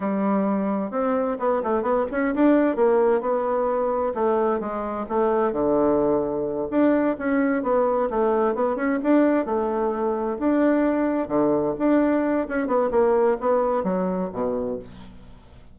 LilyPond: \new Staff \with { instrumentName = "bassoon" } { \time 4/4 \tempo 4 = 130 g2 c'4 b8 a8 | b8 cis'8 d'4 ais4 b4~ | b4 a4 gis4 a4 | d2~ d8 d'4 cis'8~ |
cis'8 b4 a4 b8 cis'8 d'8~ | d'8 a2 d'4.~ | d'8 d4 d'4. cis'8 b8 | ais4 b4 fis4 b,4 | }